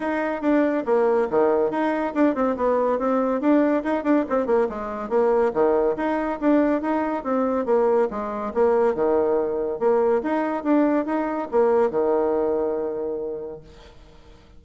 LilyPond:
\new Staff \with { instrumentName = "bassoon" } { \time 4/4 \tempo 4 = 141 dis'4 d'4 ais4 dis4 | dis'4 d'8 c'8 b4 c'4 | d'4 dis'8 d'8 c'8 ais8 gis4 | ais4 dis4 dis'4 d'4 |
dis'4 c'4 ais4 gis4 | ais4 dis2 ais4 | dis'4 d'4 dis'4 ais4 | dis1 | }